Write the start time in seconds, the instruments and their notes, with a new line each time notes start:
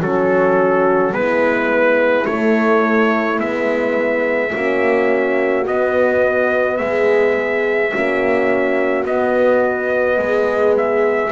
0.00 double bass F#3, horn C#4 F#4, trumpet A4
1.12 double bass G#3, horn B3 E4, trumpet B4
2.25 horn A3, double bass A3, trumpet C#5
3.37 double bass G#3, horn B3, trumpet E5
4.51 double bass A#3, horn C#4 F#4
5.67 double bass B3, horn B3, trumpet D#5
6.77 double bass G#3, horn G#4, trumpet E5
7.91 double bass A#3, horn C#4 F#4
9.05 double bass B3, horn B3, trumpet D#5
10.18 double bass G#3, horn G#4
10.77 trumpet E5